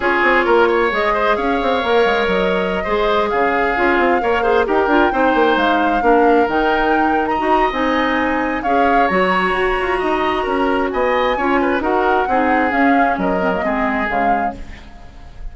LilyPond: <<
  \new Staff \with { instrumentName = "flute" } { \time 4/4 \tempo 4 = 132 cis''2 dis''4 f''4~ | f''4 dis''2~ dis''16 f''8.~ | f''2~ f''16 g''4.~ g''16~ | g''16 f''2 g''4.~ g''16 |
ais''4 gis''2 f''4 | ais''1 | gis''2 fis''2 | f''4 dis''2 f''4 | }
  \new Staff \with { instrumentName = "oboe" } { \time 4/4 gis'4 ais'8 cis''4 c''8 cis''4~ | cis''2~ cis''16 c''4 gis'8.~ | gis'4~ gis'16 cis''8 c''8 ais'4 c''8.~ | c''4~ c''16 ais'2~ ais'8. |
dis''2. cis''4~ | cis''2 dis''4 ais'4 | dis''4 cis''8 b'8 ais'4 gis'4~ | gis'4 ais'4 gis'2 | }
  \new Staff \with { instrumentName = "clarinet" } { \time 4/4 f'2 gis'2 | ais'2~ ais'16 gis'4.~ gis'16~ | gis'16 f'4 ais'8 gis'8 g'8 f'8 dis'8.~ | dis'4~ dis'16 d'4 dis'4.~ dis'16~ |
dis'16 fis'8. dis'2 gis'4 | fis'1~ | fis'4 f'4 fis'4 dis'4 | cis'4. c'16 ais16 c'4 gis4 | }
  \new Staff \with { instrumentName = "bassoon" } { \time 4/4 cis'8 c'8 ais4 gis4 cis'8 c'8 | ais8 gis8 fis4~ fis16 gis4 cis8.~ | cis16 cis'8 c'8 ais4 dis'8 d'8 c'8 ais16~ | ais16 gis4 ais4 dis4.~ dis16~ |
dis16 dis'8. c'2 cis'4 | fis4 fis'8 f'8 dis'4 cis'4 | b4 cis'4 dis'4 c'4 | cis'4 fis4 gis4 cis4 | }
>>